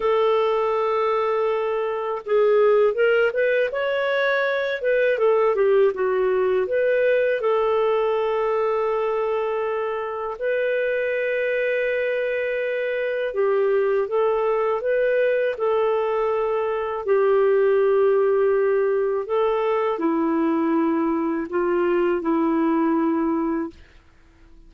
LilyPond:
\new Staff \with { instrumentName = "clarinet" } { \time 4/4 \tempo 4 = 81 a'2. gis'4 | ais'8 b'8 cis''4. b'8 a'8 g'8 | fis'4 b'4 a'2~ | a'2 b'2~ |
b'2 g'4 a'4 | b'4 a'2 g'4~ | g'2 a'4 e'4~ | e'4 f'4 e'2 | }